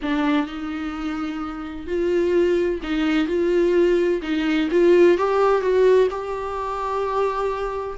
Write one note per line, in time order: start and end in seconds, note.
0.02 0.47 D4
0.47 1.86 D#4
1.86 2.80 F4
2.83 3.27 D#4
3.27 4.21 F4
4.22 4.69 D#4
4.71 5.17 F4
5.17 5.61 G4
5.61 6.07 F#4
6.10 7.98 G4